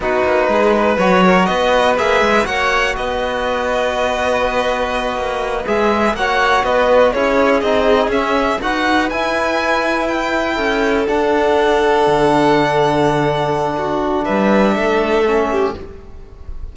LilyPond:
<<
  \new Staff \with { instrumentName = "violin" } { \time 4/4 \tempo 4 = 122 b'2 cis''4 dis''4 | e''4 fis''4 dis''2~ | dis''2.~ dis''8 e''8~ | e''8 fis''4 dis''4 cis''4 dis''8~ |
dis''8 e''4 fis''4 gis''4.~ | gis''8 g''2 fis''4.~ | fis''1~ | fis''4 e''2. | }
  \new Staff \with { instrumentName = "violin" } { \time 4/4 fis'4 gis'8 b'4 ais'8 b'4~ | b'4 cis''4 b'2~ | b'1~ | b'8 cis''4 b'4 gis'4.~ |
gis'4. b'2~ b'8~ | b'4. a'2~ a'8~ | a'1 | fis'4 b'4 a'4. g'8 | }
  \new Staff \with { instrumentName = "trombone" } { \time 4/4 dis'2 fis'2 | gis'4 fis'2.~ | fis'2.~ fis'8 gis'8~ | gis'8 fis'2 e'4 dis'8~ |
dis'8 cis'4 fis'4 e'4.~ | e'2~ e'8 d'4.~ | d'1~ | d'2. cis'4 | }
  \new Staff \with { instrumentName = "cello" } { \time 4/4 b8 ais8 gis4 fis4 b4 | ais8 gis8 ais4 b2~ | b2~ b8 ais4 gis8~ | gis8 ais4 b4 cis'4 c'8~ |
c'8 cis'4 dis'4 e'4.~ | e'4. cis'4 d'4.~ | d'8 d2.~ d8~ | d4 g4 a2 | }
>>